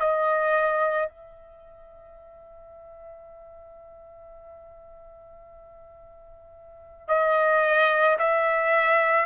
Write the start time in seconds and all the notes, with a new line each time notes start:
0.00 D#5
1.09 E5
7.09 D#5
8.19 E5